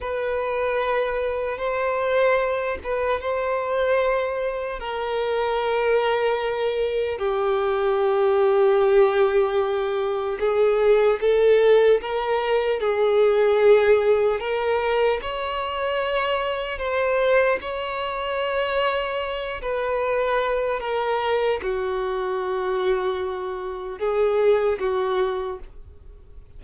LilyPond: \new Staff \with { instrumentName = "violin" } { \time 4/4 \tempo 4 = 75 b'2 c''4. b'8 | c''2 ais'2~ | ais'4 g'2.~ | g'4 gis'4 a'4 ais'4 |
gis'2 ais'4 cis''4~ | cis''4 c''4 cis''2~ | cis''8 b'4. ais'4 fis'4~ | fis'2 gis'4 fis'4 | }